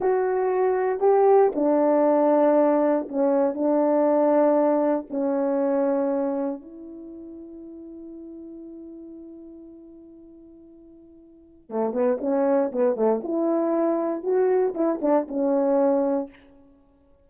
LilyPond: \new Staff \with { instrumentName = "horn" } { \time 4/4 \tempo 4 = 118 fis'2 g'4 d'4~ | d'2 cis'4 d'4~ | d'2 cis'2~ | cis'4 e'2.~ |
e'1~ | e'2. a8 b8 | cis'4 b8 a8 e'2 | fis'4 e'8 d'8 cis'2 | }